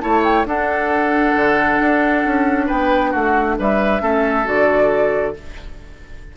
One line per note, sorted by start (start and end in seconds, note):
0.00 0.45 A3
0.00 0.45 E4
0.00 0.47 C#5
0.00 0.22 A5
0.24 0.46 G5
0.45 1.34 D4
0.45 4.00 D4
0.45 2.66 A4
0.45 2.68 F#5
1.36 1.80 D3
1.80 2.25 D4
2.25 2.69 C#4
2.66 3.14 B3
2.66 3.10 B4
2.66 3.12 G5
3.10 3.59 A3
3.10 3.55 F#4
3.10 3.57 F#5
3.59 4.01 G3
3.59 4.02 B4
3.59 4.48 E5
4.00 4.46 A3
4.00 4.45 C#4
4.00 5.36 A4
4.45 5.35 D3
4.45 5.33 F#4
4.45 5.37 D5